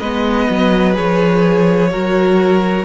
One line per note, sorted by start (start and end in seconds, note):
0.00 0.48 G#3
0.00 0.94 B3
0.00 1.90 B4
0.00 0.95 D#5
0.50 0.98 F#3
0.94 1.93 F3
0.94 1.89 G#4
0.94 2.86 C#5
1.91 2.86 F#3
1.91 2.86 F#4
1.91 2.86 A#4